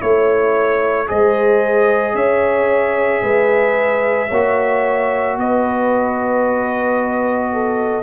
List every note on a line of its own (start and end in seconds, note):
0.00 1.09 A3
0.00 1.07 E4
0.00 1.08 C#5
1.07 2.15 G#3
1.07 4.29 G#4
1.07 2.15 C5
1.07 2.16 D#5
2.15 3.22 C#4
2.15 3.22 C#5
2.15 5.37 E5
3.22 4.30 G#3
3.22 4.28 B4
4.28 5.38 A#3
4.28 8.03 F#4
4.28 5.35 C#5
5.38 8.03 B3
5.38 7.52 B4
5.38 8.03 D#5
7.52 8.03 A4